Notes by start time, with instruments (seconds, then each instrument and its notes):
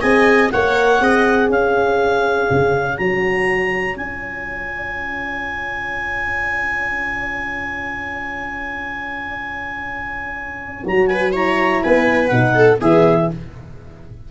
0.00 tuba C4, horn G#4, viola D#5, clarinet G#5
0.51 tuba A#3, horn A#4, viola C#5, clarinet F#5
0.99 tuba C4, horn G#4, viola D#5
1.48 tuba C#4, viola C#5, clarinet F5
2.50 tuba C#3
2.97 tuba F#3, horn F#4, clarinet A#5
3.95 tuba C#4, horn F4, clarinet G#5
10.83 tuba F#3, horn F#4, clarinet A#5
11.07 viola B4, clarinet G#5
11.32 horn E4, viola C#5, clarinet A#5
11.82 tuba B3, viola B4, clarinet G#5
12.27 tuba B2, horn D#4, clarinet F#5
12.54 viola A4
12.78 tuba E3, horn B3, viola G#4, clarinet E5